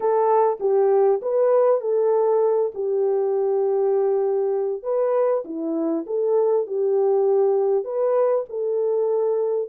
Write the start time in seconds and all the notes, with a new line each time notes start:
0.00 A4
0.60 G4
1.21 B4
1.80 A4
2.74 G4
4.82 B4
5.45 E4
6.06 A4
6.67 G4
7.84 B4
8.49 A4